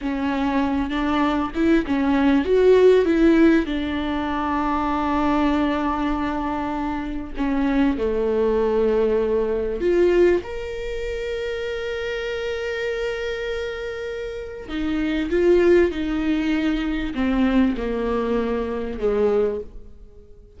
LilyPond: \new Staff \with { instrumentName = "viola" } { \time 4/4 \tempo 4 = 98 cis'4. d'4 e'8 cis'4 | fis'4 e'4 d'2~ | d'1 | cis'4 a2. |
f'4 ais'2.~ | ais'1 | dis'4 f'4 dis'2 | c'4 ais2 gis4 | }